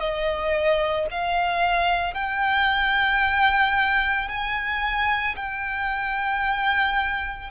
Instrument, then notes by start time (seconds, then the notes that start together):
violin
0.00 D#5
1.11 F5
2.14 G5
4.29 G#5
5.36 G5